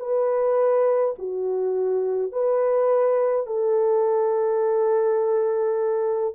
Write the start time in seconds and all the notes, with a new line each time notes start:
0.00 B4
1.19 F#4
2.32 B4
3.47 A4